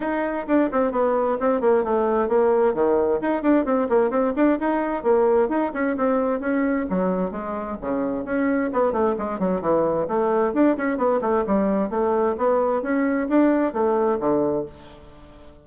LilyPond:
\new Staff \with { instrumentName = "bassoon" } { \time 4/4 \tempo 4 = 131 dis'4 d'8 c'8 b4 c'8 ais8 | a4 ais4 dis4 dis'8 d'8 | c'8 ais8 c'8 d'8 dis'4 ais4 | dis'8 cis'8 c'4 cis'4 fis4 |
gis4 cis4 cis'4 b8 a8 | gis8 fis8 e4 a4 d'8 cis'8 | b8 a8 g4 a4 b4 | cis'4 d'4 a4 d4 | }